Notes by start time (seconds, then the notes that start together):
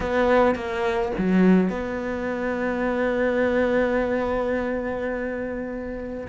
0.00 B3
0.55 A#3
1.18 F#3
1.69 B3